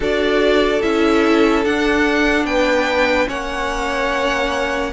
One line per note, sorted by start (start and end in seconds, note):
0.00 0.80 D4
0.00 0.82 F#4
0.00 2.47 A4
0.00 0.82 D5
0.82 1.65 C#4
0.82 1.64 E4
0.82 1.64 E5
1.64 3.27 D4
1.64 2.44 D4
1.64 2.45 F#5
2.44 3.26 B3
2.44 3.28 B4
2.44 3.28 G5
3.27 4.92 A#3
3.27 4.91 C#4
3.27 4.92 C#5
3.27 4.92 F#5